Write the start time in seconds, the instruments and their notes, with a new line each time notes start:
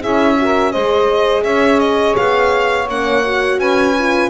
0.00 double bass C#4, horn E4, saxophone G#4, violin E5
0.37 horn F#4, saxophone A#4
0.72 double bass G#3, horn G#4, saxophone C5, violin D#5
1.44 double bass C#4, saxophone C#5, violin E5
1.80 violin D#5
2.16 double bass B3, violin F5
2.89 double bass A#3, horn C#4, violin F#5
3.24 horn F#4
3.58 double bass C#4, saxophone B4, violin G#5
3.98 horn F4